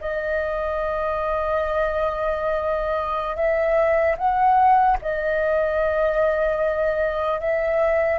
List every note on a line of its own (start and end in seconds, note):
0.00 3.36 D#5
3.36 4.16 E5
4.17 4.97 F#5
5.01 7.40 D#5
7.40 8.18 E5